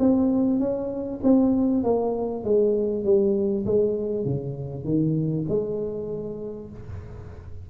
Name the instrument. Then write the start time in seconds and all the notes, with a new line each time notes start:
tuba
0.00 C4
0.60 C#4
1.24 C4
1.84 A#3
2.45 G#3
3.05 G3
3.66 G#3
4.25 C#3
4.85 D#3
5.50 G#3